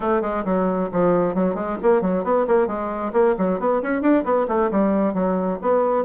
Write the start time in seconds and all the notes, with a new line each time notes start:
0.00 A3
0.21 G#3
0.45 F#3
0.92 F3
1.35 F#3
1.54 G#3
1.82 A#3
2.01 F#3
2.24 B3
2.47 A#3
2.67 G#3
3.12 A#3
3.37 F#3
3.59 B3
3.82 C#4
4.01 D4
4.24 B3
4.48 A3
4.71 G3
5.14 F#3
5.61 B3